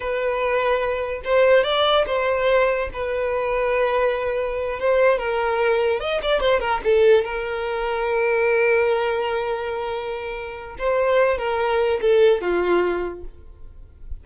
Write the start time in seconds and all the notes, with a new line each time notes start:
0.00 B4
1.24 C5
1.63 D5
2.06 C5
2.93 B4
4.79 C5
5.18 A#4
6.00 D#5
6.22 D5
6.40 C5
6.60 A#4
6.84 A4
7.24 A#4
10.78 C5
11.38 A#4
12.01 A4
12.41 F4